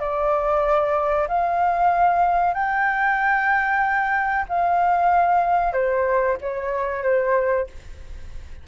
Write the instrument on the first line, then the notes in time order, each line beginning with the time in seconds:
flute
0.00 D5
1.28 F5
2.54 G5
4.49 F5
5.73 C5
6.41 C#5
7.03 C5